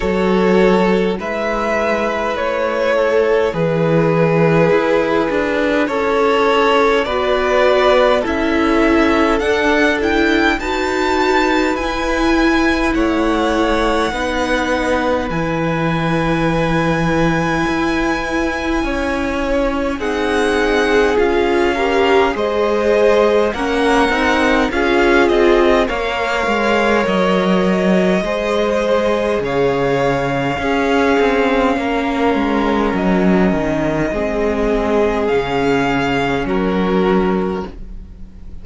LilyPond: <<
  \new Staff \with { instrumentName = "violin" } { \time 4/4 \tempo 4 = 51 cis''4 e''4 cis''4 b'4~ | b'4 cis''4 d''4 e''4 | fis''8 g''8 a''4 gis''4 fis''4~ | fis''4 gis''2.~ |
gis''4 fis''4 f''4 dis''4 | fis''4 f''8 dis''8 f''4 dis''4~ | dis''4 f''2. | dis''2 f''4 ais'4 | }
  \new Staff \with { instrumentName = "violin" } { \time 4/4 a'4 b'4. a'8 gis'4~ | gis'4 a'4 b'4 a'4~ | a'4 b'2 cis''4 | b'1 |
cis''4 gis'4. ais'8 c''4 | ais'4 gis'4 cis''2 | c''4 cis''4 gis'4 ais'4~ | ais'4 gis'2 fis'4 | }
  \new Staff \with { instrumentName = "viola" } { \time 4/4 fis'4 e'2.~ | e'2 fis'4 e'4 | d'8 e'8 fis'4 e'2 | dis'4 e'2.~ |
e'4 dis'4 f'8 g'8 gis'4 | cis'8 dis'8 f'4 ais'2 | gis'2 cis'2~ | cis'4 c'4 cis'2 | }
  \new Staff \with { instrumentName = "cello" } { \time 4/4 fis4 gis4 a4 e4 | e'8 d'8 cis'4 b4 cis'4 | d'4 dis'4 e'4 a4 | b4 e2 e'4 |
cis'4 c'4 cis'4 gis4 | ais8 c'8 cis'8 c'8 ais8 gis8 fis4 | gis4 cis4 cis'8 c'8 ais8 gis8 | fis8 dis8 gis4 cis4 fis4 | }
>>